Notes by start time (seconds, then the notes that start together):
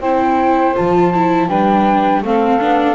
0.00 C4 E4 C5 G5
0.74 F3 F4 A5
1.14 E4
1.48 G3 D4 B4 G5
2.22 A3 C4 A4 F5
2.60 B3 D4